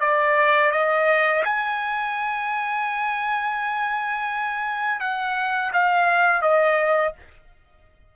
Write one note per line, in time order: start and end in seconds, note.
0.00 0.71 D5
0.71 1.43 D#5
1.44 5.00 G#5
5.00 5.71 F#5
5.73 6.42 F5
6.42 7.13 D#5